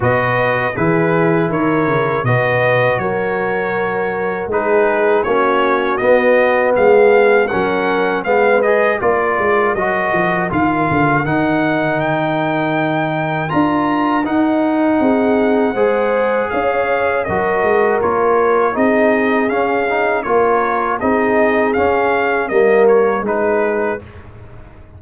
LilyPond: <<
  \new Staff \with { instrumentName = "trumpet" } { \time 4/4 \tempo 4 = 80 dis''4 b'4 cis''4 dis''4 | cis''2 b'4 cis''4 | dis''4 f''4 fis''4 f''8 dis''8 | d''4 dis''4 f''4 fis''4 |
g''2 ais''4 fis''4~ | fis''2 f''4 dis''4 | cis''4 dis''4 f''4 cis''4 | dis''4 f''4 dis''8 cis''8 b'4 | }
  \new Staff \with { instrumentName = "horn" } { \time 4/4 b'4 gis'4 ais'4 b'4 | ais'2 gis'4 fis'4~ | fis'4 gis'4 ais'4 b'4 | ais'1~ |
ais'1 | gis'4 c''4 cis''4 ais'4~ | ais'4 gis'2 ais'4 | gis'2 ais'4 gis'4 | }
  \new Staff \with { instrumentName = "trombone" } { \time 4/4 fis'4 e'2 fis'4~ | fis'2 dis'4 cis'4 | b2 cis'4 b8 gis'8 | f'4 fis'4 f'4 dis'4~ |
dis'2 f'4 dis'4~ | dis'4 gis'2 fis'4 | f'4 dis'4 cis'8 dis'8 f'4 | dis'4 cis'4 ais4 dis'4 | }
  \new Staff \with { instrumentName = "tuba" } { \time 4/4 b,4 e4 dis8 cis8 b,4 | fis2 gis4 ais4 | b4 gis4 fis4 gis4 | ais8 gis8 fis8 f8 dis8 d8 dis4~ |
dis2 d'4 dis'4 | c'4 gis4 cis'4 fis8 gis8 | ais4 c'4 cis'4 ais4 | c'4 cis'4 g4 gis4 | }
>>